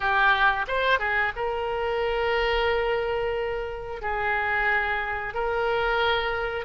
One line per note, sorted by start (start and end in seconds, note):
0.00 0.65 G4
0.67 0.98 C5
0.98 1.32 G#4
1.35 4.02 A#4
4.02 5.33 G#4
5.33 6.65 A#4